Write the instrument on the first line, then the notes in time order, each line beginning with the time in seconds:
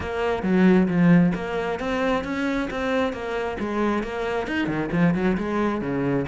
cello
0.00 A#3
0.42 F#3
0.88 F3
1.34 A#3
1.79 C4
2.24 C#4
2.70 C4
3.12 A#3
3.59 G#3
4.03 A#3
4.47 D#4
4.67 D#3
4.92 F3
5.14 F#3
5.37 G#3
5.81 C#3